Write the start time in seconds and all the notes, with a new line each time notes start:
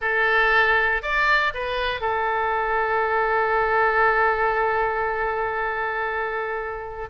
0.01 A4
1.02 D5
1.53 B4
2.00 A4